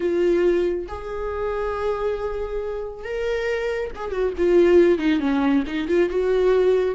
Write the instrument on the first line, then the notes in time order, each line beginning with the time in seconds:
viola
0.00 F4
0.87 G#4
3.04 A#4
3.95 G#4
4.11 F#4
4.37 F4
4.98 D#4
5.20 C#4
5.66 D#4
5.87 F4
6.09 F#4